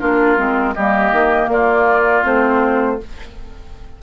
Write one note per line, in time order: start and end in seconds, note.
0.00 0.38 A#3
0.00 0.37 D4
0.00 0.75 F4
0.00 0.74 A#4
0.37 0.76 G#3
0.37 0.75 C4
0.74 1.12 G3
0.74 2.24 A#3
0.74 1.50 G4
0.74 1.49 D#5
1.12 1.48 D#3
1.48 2.23 A#3
1.48 3.03 F4
1.48 2.25 D5
2.24 3.00 A3
2.24 2.99 C4
2.24 3.01 C5